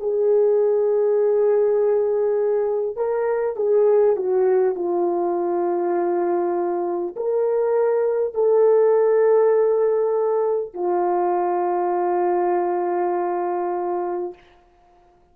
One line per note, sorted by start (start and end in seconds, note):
0.00 2.97 G#4
2.97 3.57 A#4
3.57 4.16 G#4
4.16 4.75 F#4
4.75 7.15 F4
7.17 8.35 A#4
8.35 10.74 A4
10.74 14.34 F4